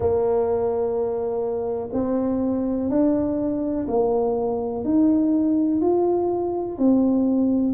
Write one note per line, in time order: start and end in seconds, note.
0.00 1.89 A#3
1.92 2.89 C4
2.89 3.86 D4
3.88 4.84 A#3
4.84 5.81 D#4
5.81 6.77 F4
6.77 7.74 C4